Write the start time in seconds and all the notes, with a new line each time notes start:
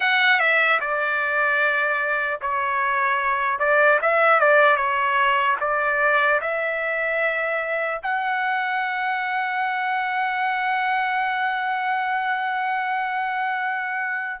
0.00 F#5
0.39 E5
0.80 D5
2.41 C#5
3.59 D5
4.01 E5
4.40 D5
4.76 C#5
5.60 D5
6.41 E5
8.03 F#5